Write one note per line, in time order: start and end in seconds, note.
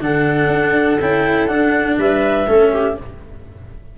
0.00 0.47 D3
0.00 0.98 D4
0.00 1.99 A4
0.00 1.00 F#5
0.47 0.96 D4
1.00 1.48 C#4
1.00 1.48 E4
1.00 1.46 G5
1.46 2.46 D4
1.46 1.97 D4
1.46 1.96 F#5
1.98 2.47 G3
1.98 2.47 B4
1.98 2.98 E5
2.47 2.97 A3
2.47 2.97 C#4
2.47 2.71 A4
2.72 2.97 G4